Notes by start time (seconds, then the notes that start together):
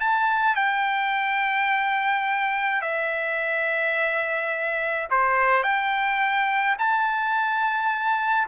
0.00 A5
0.56 G5
2.82 E5
5.10 C5
5.63 G5
6.78 A5